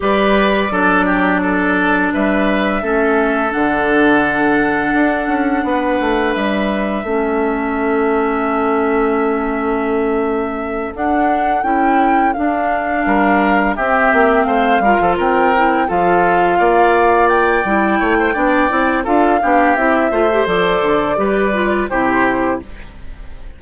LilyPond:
<<
  \new Staff \with { instrumentName = "flute" } { \time 4/4 \tempo 4 = 85 d''2. e''4~ | e''4 fis''2.~ | fis''4 e''2.~ | e''2.~ e''8 fis''8~ |
fis''8 g''4 f''2 e''8~ | e''8 f''4 g''4 f''4.~ | f''8 g''2~ g''8 f''4 | e''4 d''2 c''4 | }
  \new Staff \with { instrumentName = "oboe" } { \time 4/4 b'4 a'8 g'8 a'4 b'4 | a'1 | b'2 a'2~ | a'1~ |
a'2~ a'8 ais'4 g'8~ | g'8 c''8 ais'16 a'16 ais'4 a'4 d''8~ | d''4. cis''16 c''16 d''4 a'8 g'8~ | g'8 c''4. b'4 g'4 | }
  \new Staff \with { instrumentName = "clarinet" } { \time 4/4 g'4 d'2. | cis'4 d'2.~ | d'2 cis'2~ | cis'2.~ cis'8 d'8~ |
d'8 e'4 d'2 c'8~ | c'4 f'4 e'8 f'4.~ | f'4 e'4 d'8 e'8 f'8 d'8 | e'8 f'16 g'16 a'4 g'8 f'8 e'4 | }
  \new Staff \with { instrumentName = "bassoon" } { \time 4/4 g4 fis2 g4 | a4 d2 d'8 cis'8 | b8 a8 g4 a2~ | a2.~ a8 d'8~ |
d'8 cis'4 d'4 g4 c'8 | ais8 a8 g16 f16 c'4 f4 ais8~ | ais4 g8 a8 b8 c'8 d'8 b8 | c'8 a8 f8 d8 g4 c4 | }
>>